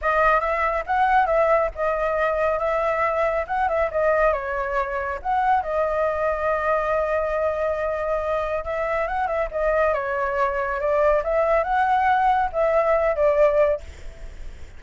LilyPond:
\new Staff \with { instrumentName = "flute" } { \time 4/4 \tempo 4 = 139 dis''4 e''4 fis''4 e''4 | dis''2 e''2 | fis''8 e''8 dis''4 cis''2 | fis''4 dis''2.~ |
dis''1 | e''4 fis''8 e''8 dis''4 cis''4~ | cis''4 d''4 e''4 fis''4~ | fis''4 e''4. d''4. | }